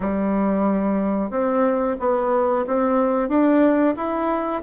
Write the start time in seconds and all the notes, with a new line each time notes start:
0.00 G3
1.30 C4
1.99 B3
2.66 C4
3.28 D4
3.96 E4